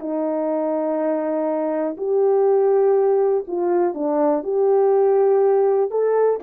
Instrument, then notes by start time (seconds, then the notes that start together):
horn
0.00 D#4
1.98 G4
3.48 F4
3.94 D4
4.44 G4
5.91 A4